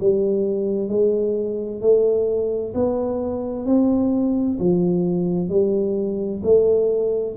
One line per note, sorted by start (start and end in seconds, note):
0.00 0.89 G3
0.89 1.81 G#3
1.81 2.73 A3
2.74 3.66 B3
3.66 4.58 C4
4.59 5.49 F3
5.49 6.41 G3
6.43 7.35 A3